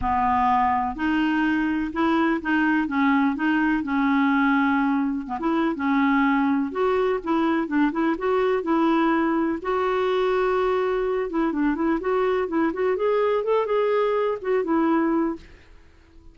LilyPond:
\new Staff \with { instrumentName = "clarinet" } { \time 4/4 \tempo 4 = 125 b2 dis'2 | e'4 dis'4 cis'4 dis'4 | cis'2. b16 e'8. | cis'2 fis'4 e'4 |
d'8 e'8 fis'4 e'2 | fis'2.~ fis'8 e'8 | d'8 e'8 fis'4 e'8 fis'8 gis'4 | a'8 gis'4. fis'8 e'4. | }